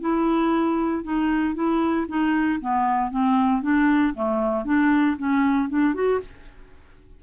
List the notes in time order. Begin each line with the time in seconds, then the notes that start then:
0.00 E4
1.03 D#4
1.54 E4
2.08 D#4
2.60 B3
3.10 C4
3.62 D4
4.14 A3
4.65 D4
5.17 C#4
5.69 D4
5.94 F#4